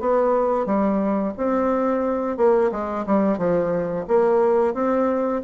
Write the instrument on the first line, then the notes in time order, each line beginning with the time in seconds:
bassoon
0.00 B3
0.66 G3
1.37 C4
2.37 A#3
2.72 G#3
3.07 G3
3.38 F3
4.08 A#3
4.74 C4